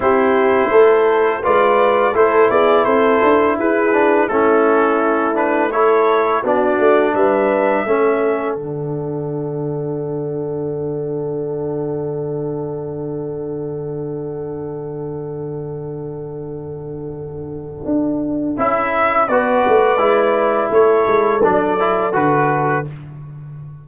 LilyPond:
<<
  \new Staff \with { instrumentName = "trumpet" } { \time 4/4 \tempo 4 = 84 c''2 d''4 c''8 d''8 | c''4 b'4 a'4. b'8 | cis''4 d''4 e''2 | fis''1~ |
fis''1~ | fis''1~ | fis''2 e''4 d''4~ | d''4 cis''4 d''4 b'4 | }
  \new Staff \with { instrumentName = "horn" } { \time 4/4 g'4 a'4 b'4 a'8 gis'8 | a'4 gis'4 e'2 | a'4 fis'4 b'4 a'4~ | a'1~ |
a'1~ | a'1~ | a'2. b'4~ | b'4 a'2. | }
  \new Staff \with { instrumentName = "trombone" } { \time 4/4 e'2 f'4 e'4~ | e'4. d'8 cis'4. d'8 | e'4 d'2 cis'4 | d'1~ |
d'1~ | d'1~ | d'2 e'4 fis'4 | e'2 d'8 e'8 fis'4 | }
  \new Staff \with { instrumentName = "tuba" } { \time 4/4 c'4 a4 gis4 a8 b8 | c'8 d'8 e'4 a2~ | a4 b8 a8 g4 a4 | d1~ |
d1~ | d1~ | d4 d'4 cis'4 b8 a8 | gis4 a8 gis8 fis4 d4 | }
>>